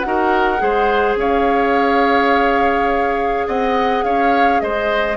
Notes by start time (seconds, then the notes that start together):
0.00 D#4 F#4 F#5
0.07 A#4
0.58 G#3 G#4 C5
1.15 C#4 C#5 F5
3.47 C4 D#5 F#5
4.03 C#4 C#5 F5
4.60 G#3 C5 D#5